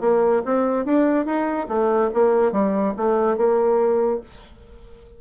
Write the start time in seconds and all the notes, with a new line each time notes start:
0.00 A#3
0.45 C4
0.85 D4
1.25 D#4
1.68 A3
2.13 A#3
2.52 G3
2.96 A3
3.37 A#3